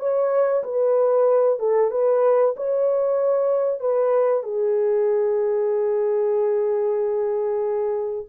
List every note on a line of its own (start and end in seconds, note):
0.00 0.64 C#5
0.64 1.59 B4
1.59 1.91 A4
1.91 2.55 B4
2.57 3.81 C#5
3.81 4.44 B4
4.44 8.27 G#4